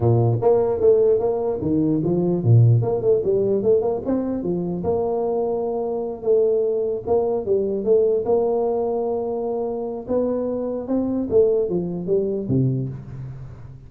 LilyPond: \new Staff \with { instrumentName = "tuba" } { \time 4/4 \tempo 4 = 149 ais,4 ais4 a4 ais4 | dis4 f4 ais,4 ais8 a8 | g4 a8 ais8 c'4 f4 | ais2.~ ais8 a8~ |
a4. ais4 g4 a8~ | a8 ais2.~ ais8~ | ais4 b2 c'4 | a4 f4 g4 c4 | }